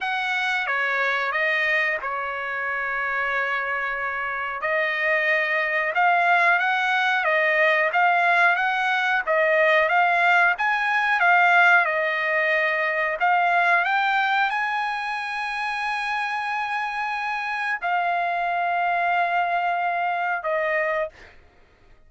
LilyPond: \new Staff \with { instrumentName = "trumpet" } { \time 4/4 \tempo 4 = 91 fis''4 cis''4 dis''4 cis''4~ | cis''2. dis''4~ | dis''4 f''4 fis''4 dis''4 | f''4 fis''4 dis''4 f''4 |
gis''4 f''4 dis''2 | f''4 g''4 gis''2~ | gis''2. f''4~ | f''2. dis''4 | }